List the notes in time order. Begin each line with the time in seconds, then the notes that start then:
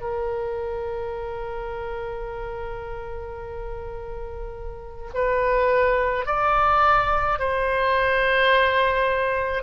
0.00 A#4
5.14 B4
6.25 D5
7.38 C5